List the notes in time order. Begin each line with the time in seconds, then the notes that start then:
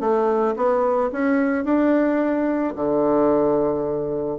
0.00 A3
0.56 B3
1.12 C#4
1.64 D4
2.75 D3